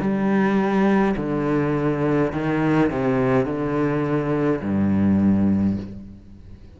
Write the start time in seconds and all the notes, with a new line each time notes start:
0.00 G3
1.16 D3
2.32 D#3
2.90 C3
3.45 D3
4.62 G2